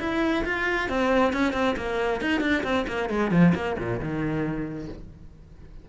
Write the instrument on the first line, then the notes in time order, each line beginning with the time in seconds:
cello
0.00 E4
0.45 F4
0.89 C4
1.33 C#4
1.53 C4
1.77 A#3
2.21 D#4
2.41 D4
2.64 C4
2.88 A#3
3.09 G#3
3.31 F3
3.55 A#3
3.79 A#2
4.00 D#3